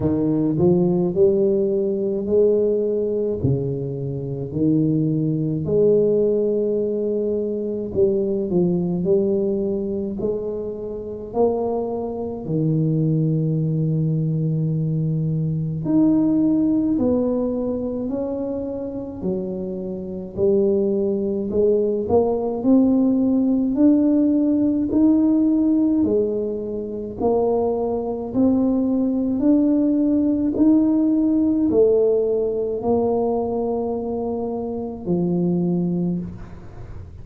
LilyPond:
\new Staff \with { instrumentName = "tuba" } { \time 4/4 \tempo 4 = 53 dis8 f8 g4 gis4 cis4 | dis4 gis2 g8 f8 | g4 gis4 ais4 dis4~ | dis2 dis'4 b4 |
cis'4 fis4 g4 gis8 ais8 | c'4 d'4 dis'4 gis4 | ais4 c'4 d'4 dis'4 | a4 ais2 f4 | }